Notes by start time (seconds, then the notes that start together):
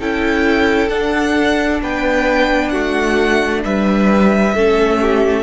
0.00 C#4 E4 A4 G5
0.89 D4 F#5
1.83 B3 B4 G5
2.70 A3 F#4 F#5
3.64 G3 B4 E5
4.54 A3 C#4 A4
5.02 G4